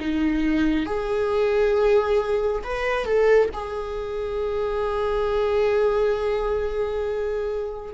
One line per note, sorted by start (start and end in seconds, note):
0.00 0.86 D#4
0.86 2.63 G#4
2.64 3.06 B4
3.06 3.50 A4
3.54 7.94 G#4